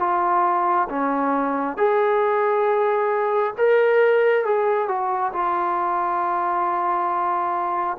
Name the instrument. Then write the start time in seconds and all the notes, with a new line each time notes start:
trombone
0.00 F4
0.89 C#4
1.77 G#4
3.58 A#4
4.45 G#4
4.88 F#4
5.33 F4